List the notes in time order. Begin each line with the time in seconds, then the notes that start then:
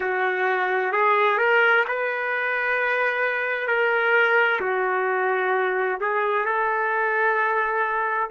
0.00 F#4
0.92 G#4
1.38 A#4
1.87 B4
3.67 A#4
4.60 F#4
6.00 G#4
6.45 A4